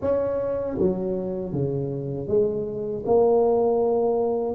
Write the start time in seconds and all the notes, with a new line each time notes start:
0.01 C#4
0.78 F#3
1.52 C#3
2.27 G#3
3.05 A#3